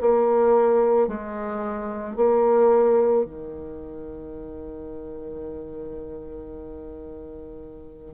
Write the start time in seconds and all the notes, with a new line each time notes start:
0.00 A#3
1.08 G#3
2.16 A#3
3.25 D#3